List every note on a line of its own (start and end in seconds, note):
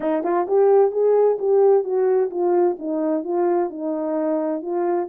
0.00 0.23 D#4
0.23 0.46 F4
0.47 0.91 G4
0.91 1.37 G#4
1.38 1.83 G4
1.83 2.30 F#4
2.30 2.76 F4
2.78 3.24 D#4
3.24 3.70 F4
3.70 4.62 D#4
4.62 5.08 F4